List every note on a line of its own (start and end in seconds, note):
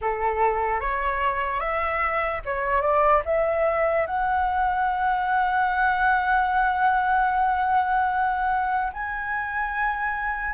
0.01 0.80 A4
0.80 1.60 C#5
1.60 2.41 E5
2.45 2.81 C#5
2.81 3.22 D5
3.25 4.06 E5
4.06 8.92 F#5
8.93 10.54 G#5